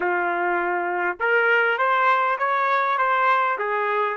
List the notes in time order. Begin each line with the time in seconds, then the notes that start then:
0.00 F4
1.19 A#4
1.78 C5
2.38 C#5
2.98 C5
3.58 G#4